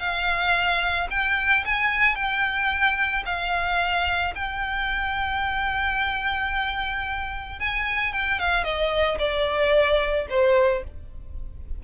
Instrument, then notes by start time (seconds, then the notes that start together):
violin
0.00 F5
1.11 G5
1.65 G#5
2.16 G5
3.26 F5
4.36 G5
7.60 G#5
8.13 G5
8.40 F5
8.64 D#5
9.19 D5
10.30 C5